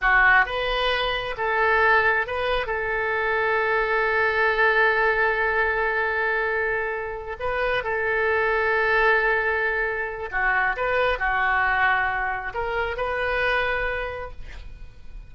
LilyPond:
\new Staff \with { instrumentName = "oboe" } { \time 4/4 \tempo 4 = 134 fis'4 b'2 a'4~ | a'4 b'4 a'2~ | a'1~ | a'1~ |
a'8 b'4 a'2~ a'8~ | a'2. fis'4 | b'4 fis'2. | ais'4 b'2. | }